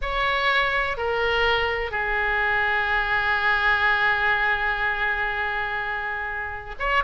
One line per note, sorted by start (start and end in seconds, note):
0.01 0.97 C#5
0.97 1.91 A#4
1.91 6.75 G#4
6.79 7.03 C#5